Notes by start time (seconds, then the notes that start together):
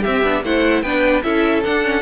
0.00 G4 E5
0.06 C4
0.23 B3 D4
0.43 A3 E4 C5 F#5
0.81 B3 D4 B4 G5
1.22 C#4 E4 A4 E5
1.63 D4 F#5
1.83 C#4